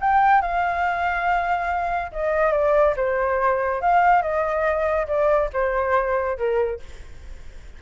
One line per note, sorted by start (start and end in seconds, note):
0.00 0.41 G5
0.41 2.11 F5
2.12 2.52 D#5
2.52 2.94 D5
2.96 3.81 C5
3.81 4.21 F5
4.21 5.07 D#5
5.07 5.49 D5
5.53 6.37 C5
6.37 6.80 A#4